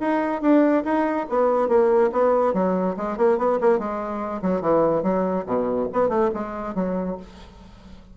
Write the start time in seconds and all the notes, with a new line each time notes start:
0.00 D#4
0.42 D4
0.84 D#4
1.29 B3
1.68 A#3
2.12 B3
2.54 F#3
2.97 G#3
3.17 A#3
3.38 B3
3.61 A#3
3.79 G#3
4.42 F#3
4.61 E3
5.03 F#3
5.46 B2
5.93 B3
6.09 A3
6.34 G#3
6.75 F#3